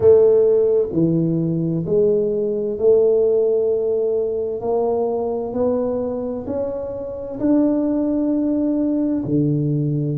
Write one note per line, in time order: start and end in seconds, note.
0.00 0.89 A3
0.92 1.84 E3
1.86 2.78 G#3
2.78 4.61 A3
4.61 5.53 A#3
5.53 6.45 B3
6.47 7.39 C#4
7.39 9.23 D4
9.25 10.17 D3